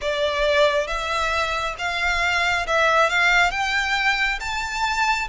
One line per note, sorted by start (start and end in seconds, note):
0.01 0.87 D5
0.87 1.75 E5
1.78 2.66 F5
2.66 3.09 E5
3.09 3.51 F5
3.51 4.39 G5
4.40 5.28 A5